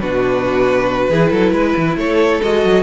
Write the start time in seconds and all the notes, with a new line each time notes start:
0.00 B2 D4 F#4 B4
1.09 E3 E4 G#4
1.30 F#3 A4
1.52 G#3 B4
1.76 E3
1.96 A3 A4 C#5
2.42 G#3 F#4 D#5
2.64 F#3